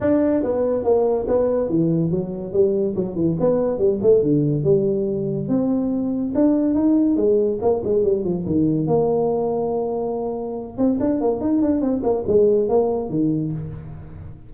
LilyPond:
\new Staff \with { instrumentName = "tuba" } { \time 4/4 \tempo 4 = 142 d'4 b4 ais4 b4 | e4 fis4 g4 fis8 e8 | b4 g8 a8 d4 g4~ | g4 c'2 d'4 |
dis'4 gis4 ais8 gis8 g8 f8 | dis4 ais2.~ | ais4. c'8 d'8 ais8 dis'8 d'8 | c'8 ais8 gis4 ais4 dis4 | }